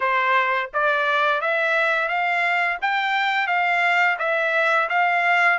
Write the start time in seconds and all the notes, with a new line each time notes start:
0.00 C5
0.73 D5
1.41 E5
2.08 F5
2.81 G5
3.47 F5
4.19 E5
4.89 F5